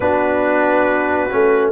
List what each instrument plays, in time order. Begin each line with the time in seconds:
0.00 tuba B3, trombone D4, horn F#4, trumpet B4
1.30 tuba A3, trombone C#4